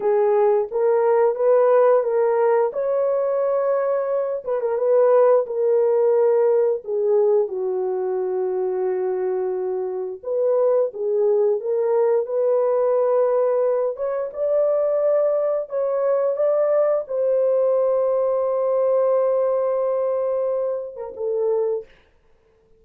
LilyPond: \new Staff \with { instrumentName = "horn" } { \time 4/4 \tempo 4 = 88 gis'4 ais'4 b'4 ais'4 | cis''2~ cis''8 b'16 ais'16 b'4 | ais'2 gis'4 fis'4~ | fis'2. b'4 |
gis'4 ais'4 b'2~ | b'8 cis''8 d''2 cis''4 | d''4 c''2.~ | c''2~ c''8. ais'16 a'4 | }